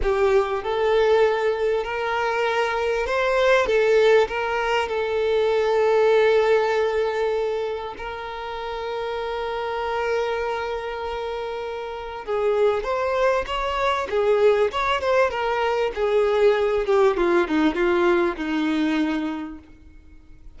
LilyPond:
\new Staff \with { instrumentName = "violin" } { \time 4/4 \tempo 4 = 98 g'4 a'2 ais'4~ | ais'4 c''4 a'4 ais'4 | a'1~ | a'4 ais'2.~ |
ais'1 | gis'4 c''4 cis''4 gis'4 | cis''8 c''8 ais'4 gis'4. g'8 | f'8 dis'8 f'4 dis'2 | }